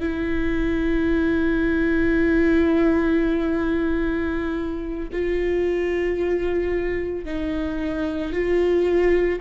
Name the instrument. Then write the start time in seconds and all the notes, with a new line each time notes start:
viola
0.00 E4
5.12 F4
7.25 D#4
8.32 F4